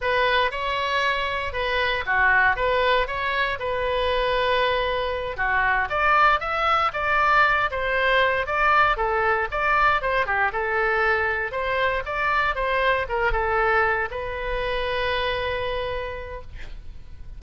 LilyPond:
\new Staff \with { instrumentName = "oboe" } { \time 4/4 \tempo 4 = 117 b'4 cis''2 b'4 | fis'4 b'4 cis''4 b'4~ | b'2~ b'8 fis'4 d''8~ | d''8 e''4 d''4. c''4~ |
c''8 d''4 a'4 d''4 c''8 | g'8 a'2 c''4 d''8~ | d''8 c''4 ais'8 a'4. b'8~ | b'1 | }